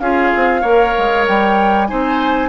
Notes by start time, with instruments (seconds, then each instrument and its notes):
0.00 bassoon C#4, clarinet F4, oboe G#4, flute F5
0.36 bassoon C4
0.61 bassoon A#3, clarinet A#4, oboe C#5
0.98 bassoon G#3
1.28 bassoon G3, flute G5
1.87 bassoon C4, clarinet D#4, oboe C5, flute G#5